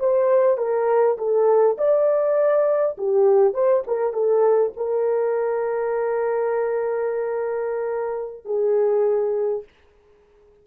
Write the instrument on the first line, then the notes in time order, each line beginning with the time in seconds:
horn
0.00 C5
0.58 A#4
1.18 A4
1.78 D5
2.98 G4
3.54 C5
3.87 A#4
4.14 A4
4.77 A#4
8.45 G#4